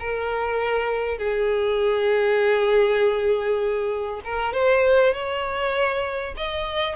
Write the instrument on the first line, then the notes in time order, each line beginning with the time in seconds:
violin
0.00 A#4
1.18 G#4
4.25 A#4
4.53 C5
5.14 C#5
6.37 D#5